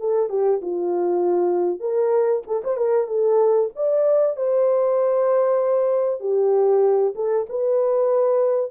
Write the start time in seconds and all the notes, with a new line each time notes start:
0.00 A4
0.30 G4
0.62 F4
1.80 A#4
2.47 A4
2.64 C5
2.77 A#4
3.08 A4
3.76 D5
4.37 C5
6.20 G4
7.15 A4
7.50 B4